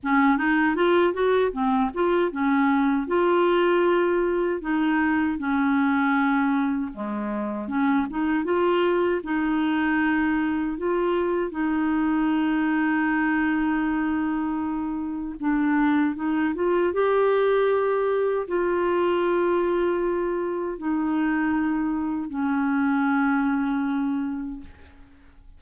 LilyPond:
\new Staff \with { instrumentName = "clarinet" } { \time 4/4 \tempo 4 = 78 cis'8 dis'8 f'8 fis'8 c'8 f'8 cis'4 | f'2 dis'4 cis'4~ | cis'4 gis4 cis'8 dis'8 f'4 | dis'2 f'4 dis'4~ |
dis'1 | d'4 dis'8 f'8 g'2 | f'2. dis'4~ | dis'4 cis'2. | }